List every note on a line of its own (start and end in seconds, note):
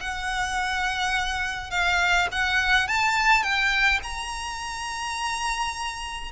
0.00 1.70 F#5
1.70 2.28 F5
2.32 2.88 F#5
2.88 3.43 A5
3.43 4.00 G5
4.03 6.31 A#5